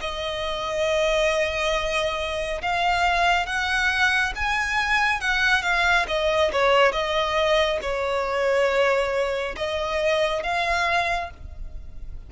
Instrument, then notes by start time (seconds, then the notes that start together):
violin
0.00 D#5
2.61 F5
3.46 F#5
4.35 G#5
5.20 F#5
5.62 F5
6.08 D#5
6.52 C#5
6.92 D#5
7.81 C#5
9.56 D#5
10.43 F5